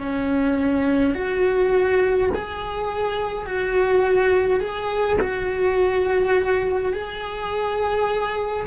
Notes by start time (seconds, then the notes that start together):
0.00 C#4
1.14 F#4
2.34 G#4
3.46 F#4
4.60 G#4
5.21 F#4
6.93 G#4